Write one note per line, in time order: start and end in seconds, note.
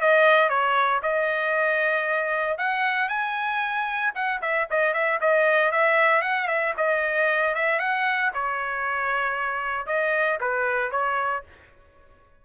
0.00 0.49 D#5
0.49 1.01 C#5
1.02 2.58 D#5
2.58 3.09 F#5
3.09 4.13 G#5
4.14 4.40 F#5
4.41 4.67 E5
4.70 4.93 D#5
4.93 5.19 E5
5.21 5.72 D#5
5.72 6.21 E5
6.21 6.47 F#5
6.47 6.74 E5
6.77 7.54 D#5
7.54 7.79 E5
7.79 8.31 F#5
8.34 9.86 C#5
9.86 10.38 D#5
10.40 10.91 B4
10.91 11.43 C#5